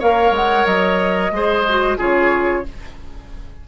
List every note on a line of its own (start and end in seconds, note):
0.00 0.31 A#3
0.00 1.33 A#4
0.00 1.32 C#5
0.00 0.35 F5
0.31 0.64 G#3
0.31 0.66 F#5
0.66 1.31 F#3
0.66 1.98 D#5
1.31 1.97 G#3
1.31 1.66 G#4
1.31 1.98 C5
1.69 1.98 F#4
1.98 2.65 C#3
1.98 2.64 F4
1.98 2.64 G#4
1.98 2.68 C#5